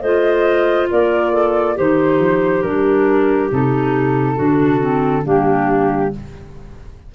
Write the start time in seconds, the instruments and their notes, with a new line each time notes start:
0.00 tuba A3, clarinet F4 C5, flute D#5
0.90 tuba A#3, clarinet A#4, flute D5
1.32 clarinet A4
1.76 tuba D#3, clarinet D#4 G4, flute C5
2.19 tuba F3
2.62 tuba G3, clarinet D4, flute A#4
3.51 tuba C3, clarinet D#4, flute A4
4.36 tuba D3, clarinet D4 F#4
4.80 clarinet C4
5.24 tuba G3, clarinet A#3 D4, flute G4